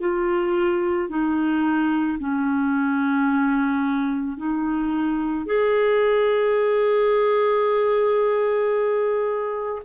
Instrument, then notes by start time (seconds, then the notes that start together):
clarinet
0.00 F4
1.09 D#4
2.19 C#4
4.37 D#4
5.45 G#4